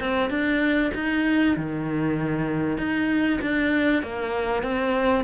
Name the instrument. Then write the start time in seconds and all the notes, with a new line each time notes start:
cello
0.00 C4
0.30 D4
0.94 D#4
1.57 D#3
2.78 D#4
3.41 D4
4.03 A#3
4.63 C4